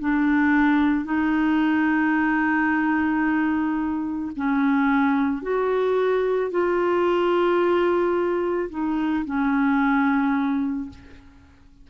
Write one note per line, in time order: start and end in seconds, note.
0.00 1.04 D4
1.04 4.31 D#4
4.36 5.42 C#4
5.42 6.51 F#4
6.51 8.69 F4
8.70 9.24 D#4
9.25 10.89 C#4